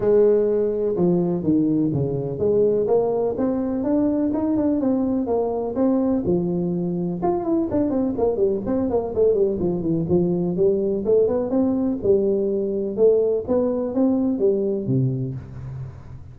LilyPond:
\new Staff \with { instrumentName = "tuba" } { \time 4/4 \tempo 4 = 125 gis2 f4 dis4 | cis4 gis4 ais4 c'4 | d'4 dis'8 d'8 c'4 ais4 | c'4 f2 f'8 e'8 |
d'8 c'8 ais8 g8 c'8 ais8 a8 g8 | f8 e8 f4 g4 a8 b8 | c'4 g2 a4 | b4 c'4 g4 c4 | }